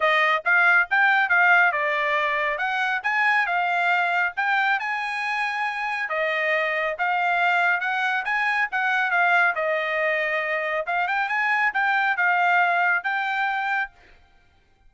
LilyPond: \new Staff \with { instrumentName = "trumpet" } { \time 4/4 \tempo 4 = 138 dis''4 f''4 g''4 f''4 | d''2 fis''4 gis''4 | f''2 g''4 gis''4~ | gis''2 dis''2 |
f''2 fis''4 gis''4 | fis''4 f''4 dis''2~ | dis''4 f''8 g''8 gis''4 g''4 | f''2 g''2 | }